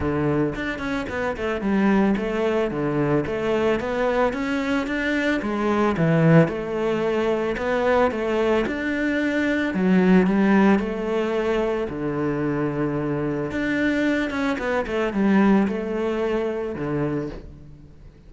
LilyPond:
\new Staff \with { instrumentName = "cello" } { \time 4/4 \tempo 4 = 111 d4 d'8 cis'8 b8 a8 g4 | a4 d4 a4 b4 | cis'4 d'4 gis4 e4 | a2 b4 a4 |
d'2 fis4 g4 | a2 d2~ | d4 d'4. cis'8 b8 a8 | g4 a2 d4 | }